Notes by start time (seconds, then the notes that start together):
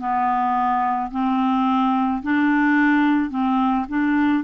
0.00 B3
1.12 C4
2.23 D4
3.31 C4
3.89 D4